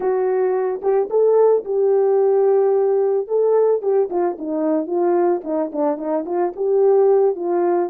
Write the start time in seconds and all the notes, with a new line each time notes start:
0.00 F#4
0.82 G4
1.10 A4
1.64 G4
3.27 A4
3.82 G4
4.09 F4
4.38 D#4
4.86 F4
5.43 D#4
5.72 D4
5.97 D#4
6.25 F4
6.56 G4
7.35 F4